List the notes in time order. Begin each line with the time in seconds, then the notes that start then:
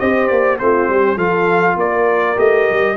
0.00 C4 G4 C5 D#5
0.28 A#3 D5
0.59 A3 C4 F4 C5
0.88 G3 G4
1.16 F3 F4 A4 F5
1.76 A#3 A#4 D5
2.36 A3 G4 D#5
2.71 G3